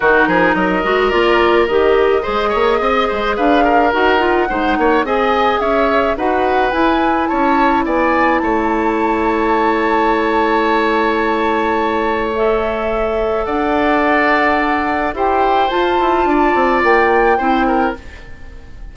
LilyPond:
<<
  \new Staff \with { instrumentName = "flute" } { \time 4/4 \tempo 4 = 107 ais'4 dis''4 d''4 dis''4~ | dis''2 f''4 fis''4~ | fis''4 gis''4 e''4 fis''4 | gis''4 a''4 gis''4 a''4~ |
a''1~ | a''2 e''2 | fis''2. g''4 | a''2 g''2 | }
  \new Staff \with { instrumentName = "oboe" } { \time 4/4 fis'8 gis'8 ais'2. | c''8 cis''8 dis''8 c''8 b'8 ais'4. | c''8 cis''8 dis''4 cis''4 b'4~ | b'4 cis''4 d''4 cis''4~ |
cis''1~ | cis''1 | d''2. c''4~ | c''4 d''2 c''8 ais'8 | }
  \new Staff \with { instrumentName = "clarinet" } { \time 4/4 dis'4. fis'8 f'4 g'4 | gis'2. fis'8 f'8 | dis'4 gis'2 fis'4 | e'1~ |
e'1~ | e'2 a'2~ | a'2. g'4 | f'2. e'4 | }
  \new Staff \with { instrumentName = "bassoon" } { \time 4/4 dis8 f8 fis8 gis8 ais4 dis4 | gis8 ais8 c'8 gis8 d'4 dis'4 | gis8 ais8 c'4 cis'4 dis'4 | e'4 cis'4 b4 a4~ |
a1~ | a1 | d'2. e'4 | f'8 e'8 d'8 c'8 ais4 c'4 | }
>>